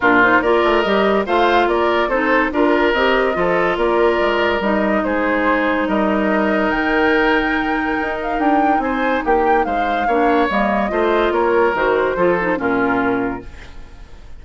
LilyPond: <<
  \new Staff \with { instrumentName = "flute" } { \time 4/4 \tempo 4 = 143 ais'8 c''8 d''4 dis''4 f''4 | d''4 c''4 ais'4 dis''4~ | dis''4 d''2 dis''4 | c''2 dis''2 |
g''2.~ g''8 f''8 | g''4 gis''4 g''4 f''4~ | f''4 dis''2 cis''4 | c''2 ais'2 | }
  \new Staff \with { instrumentName = "oboe" } { \time 4/4 f'4 ais'2 c''4 | ais'4 a'4 ais'2 | a'4 ais'2. | gis'2 ais'2~ |
ais'1~ | ais'4 c''4 g'4 c''4 | cis''2 c''4 ais'4~ | ais'4 a'4 f'2 | }
  \new Staff \with { instrumentName = "clarinet" } { \time 4/4 d'8 dis'8 f'4 g'4 f'4~ | f'4 dis'4 f'4 g'4 | f'2. dis'4~ | dis'1~ |
dis'1~ | dis'1 | d'4 ais4 f'2 | fis'4 f'8 dis'8 cis'2 | }
  \new Staff \with { instrumentName = "bassoon" } { \time 4/4 ais,4 ais8 a8 g4 a4 | ais4 c'4 d'4 c'4 | f4 ais4 gis4 g4 | gis2 g2 |
dis2. dis'4 | d'4 c'4 ais4 gis4 | ais4 g4 a4 ais4 | dis4 f4 ais,2 | }
>>